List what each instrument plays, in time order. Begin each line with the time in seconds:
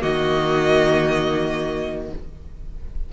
0.00 cello D#3, viola A#3, violin F#4 D#5